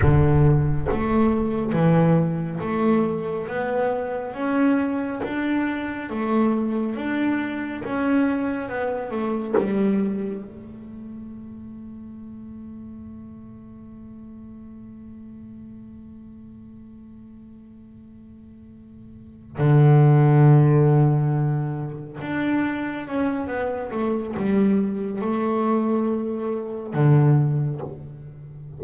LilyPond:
\new Staff \with { instrumentName = "double bass" } { \time 4/4 \tempo 4 = 69 d4 a4 e4 a4 | b4 cis'4 d'4 a4 | d'4 cis'4 b8 a8 g4 | a1~ |
a1~ | a2~ a8 d4.~ | d4. d'4 cis'8 b8 a8 | g4 a2 d4 | }